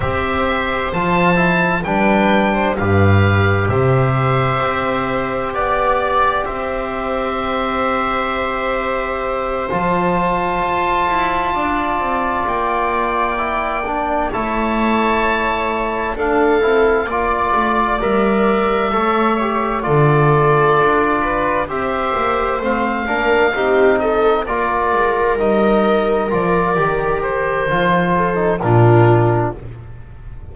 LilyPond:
<<
  \new Staff \with { instrumentName = "oboe" } { \time 4/4 \tempo 4 = 65 e''4 a''4 g''4 f''4 | e''2 d''4 e''4~ | e''2~ e''8 a''4.~ | a''4. g''2 a''8~ |
a''4. f''4 d''4 e''8~ | e''4. d''2 e''8~ | e''8 f''4. dis''8 d''4 dis''8~ | dis''8 d''4 c''4. ais'4 | }
  \new Staff \with { instrumentName = "viola" } { \time 4/4 c''2 b'8. c''16 b'4 | c''2 d''4 c''4~ | c''1~ | c''8 d''2. cis''8~ |
cis''4. a'4 d''4.~ | d''8 cis''4 a'4. b'8 c''8~ | c''4 ais'8 g'8 a'8 ais'4.~ | ais'2~ ais'8 a'8 f'4 | }
  \new Staff \with { instrumentName = "trombone" } { \time 4/4 g'4 f'8 e'8 d'4 g'4~ | g'1~ | g'2~ g'8 f'4.~ | f'2~ f'8 e'8 d'8 e'8~ |
e'4. d'8 e'8 f'4 ais'8~ | ais'8 a'8 g'8 f'2 g'8~ | g'8 c'8 d'8 dis'4 f'4 dis'8~ | dis'8 f'8 g'4 f'8. dis'16 d'4 | }
  \new Staff \with { instrumentName = "double bass" } { \time 4/4 c'4 f4 g4 g,4 | c4 c'4 b4 c'4~ | c'2~ c'8 f4 f'8 | e'8 d'8 c'8 ais2 a8~ |
a4. d'8 c'8 ais8 a8 g8~ | g8 a4 d4 d'4 c'8 | ais8 a8 ais8 c'4 ais8 gis8 g8~ | g8 f8 dis4 f4 ais,4 | }
>>